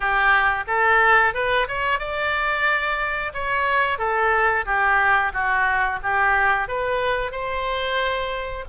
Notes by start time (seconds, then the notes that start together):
0.00 G4
0.67 A4
1.33 B4
1.68 C#5
1.99 D5
3.33 C#5
3.98 A4
4.65 G4
5.33 F#4
6.02 G4
6.68 B4
7.31 C5